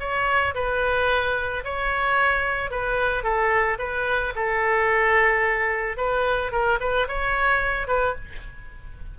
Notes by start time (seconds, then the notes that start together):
0.00 C#5
0.55 B4
1.65 C#5
2.71 B4
3.24 A4
3.79 B4
4.36 A4
5.98 B4
6.52 A#4
6.81 B4
7.08 C#5
7.88 B4